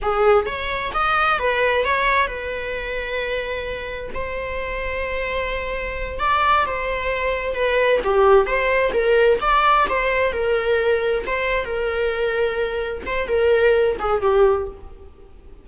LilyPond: \new Staff \with { instrumentName = "viola" } { \time 4/4 \tempo 4 = 131 gis'4 cis''4 dis''4 b'4 | cis''4 b'2.~ | b'4 c''2.~ | c''4. d''4 c''4.~ |
c''8 b'4 g'4 c''4 ais'8~ | ais'8 d''4 c''4 ais'4.~ | ais'8 c''4 ais'2~ ais'8~ | ais'8 c''8 ais'4. gis'8 g'4 | }